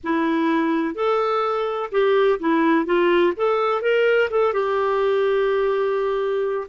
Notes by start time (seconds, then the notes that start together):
0.03 E4
0.94 A4
1.91 G4
2.39 E4
2.85 F4
3.36 A4
3.81 A#4
4.30 A4
4.53 G4